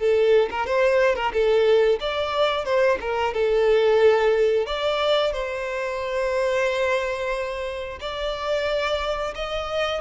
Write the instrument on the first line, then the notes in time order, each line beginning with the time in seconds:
violin
0.00 A4
0.51 A#4
0.67 C5
1.16 A#4
1.33 A4
2.01 D5
2.65 C5
3.01 A#4
3.35 A4
4.67 D5
5.33 C5
8.01 D5
9.35 D#5